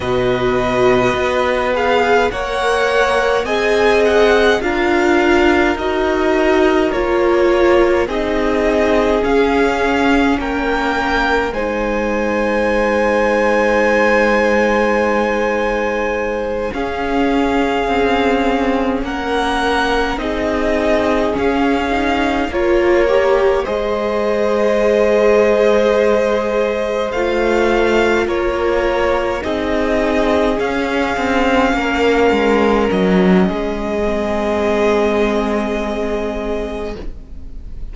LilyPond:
<<
  \new Staff \with { instrumentName = "violin" } { \time 4/4 \tempo 4 = 52 dis''4. f''8 fis''4 gis''8 fis''8 | f''4 dis''4 cis''4 dis''4 | f''4 g''4 gis''2~ | gis''2~ gis''8 f''4.~ |
f''8 fis''4 dis''4 f''4 cis''8~ | cis''8 dis''2. f''8~ | f''8 cis''4 dis''4 f''4.~ | f''8 dis''2.~ dis''8 | }
  \new Staff \with { instrumentName = "violin" } { \time 4/4 b'2 cis''4 dis''4 | ais'2. gis'4~ | gis'4 ais'4 c''2~ | c''2~ c''8 gis'4.~ |
gis'8 ais'4 gis'2 ais'8~ | ais'8 c''2.~ c''8~ | c''8 ais'4 gis'2 ais'8~ | ais'4 gis'2. | }
  \new Staff \with { instrumentName = "viola" } { \time 4/4 fis'4. gis'8 ais'4 gis'4 | f'4 fis'4 f'4 dis'4 | cis'2 dis'2~ | dis'2~ dis'8 cis'4.~ |
cis'4. dis'4 cis'8 dis'8 f'8 | g'8 gis'2. f'8~ | f'4. dis'4 cis'4.~ | cis'4. c'2~ c'8 | }
  \new Staff \with { instrumentName = "cello" } { \time 4/4 b,4 b4 ais4 c'4 | d'4 dis'4 ais4 c'4 | cis'4 ais4 gis2~ | gis2~ gis8 cis'4 c'8~ |
c'8 ais4 c'4 cis'4 ais8~ | ais8 gis2. a8~ | a8 ais4 c'4 cis'8 c'8 ais8 | gis8 fis8 gis2. | }
>>